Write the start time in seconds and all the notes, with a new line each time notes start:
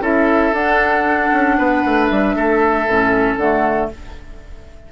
0.00 C#4 E4 A4 E5
0.52 D4 F#5
1.32 C#4
1.58 B3 B4
1.85 A3
2.07 G3 E5
2.34 A3 A4
2.87 A2 C#4
3.37 D3 A3 F#5